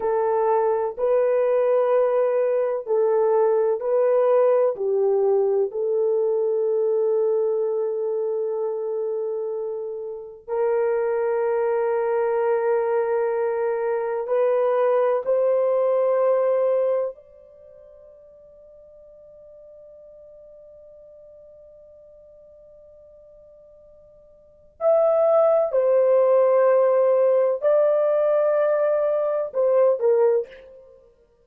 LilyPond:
\new Staff \with { instrumentName = "horn" } { \time 4/4 \tempo 4 = 63 a'4 b'2 a'4 | b'4 g'4 a'2~ | a'2. ais'4~ | ais'2. b'4 |
c''2 d''2~ | d''1~ | d''2 e''4 c''4~ | c''4 d''2 c''8 ais'8 | }